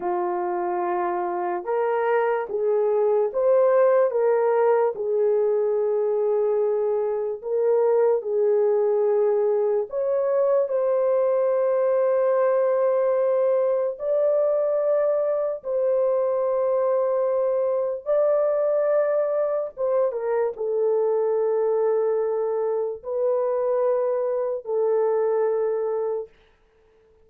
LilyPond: \new Staff \with { instrumentName = "horn" } { \time 4/4 \tempo 4 = 73 f'2 ais'4 gis'4 | c''4 ais'4 gis'2~ | gis'4 ais'4 gis'2 | cis''4 c''2.~ |
c''4 d''2 c''4~ | c''2 d''2 | c''8 ais'8 a'2. | b'2 a'2 | }